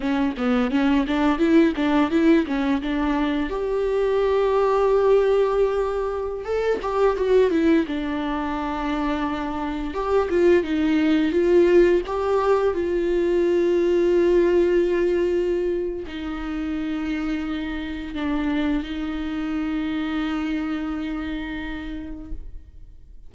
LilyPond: \new Staff \with { instrumentName = "viola" } { \time 4/4 \tempo 4 = 86 cis'8 b8 cis'8 d'8 e'8 d'8 e'8 cis'8 | d'4 g'2.~ | g'4~ g'16 a'8 g'8 fis'8 e'8 d'8.~ | d'2~ d'16 g'8 f'8 dis'8.~ |
dis'16 f'4 g'4 f'4.~ f'16~ | f'2. dis'4~ | dis'2 d'4 dis'4~ | dis'1 | }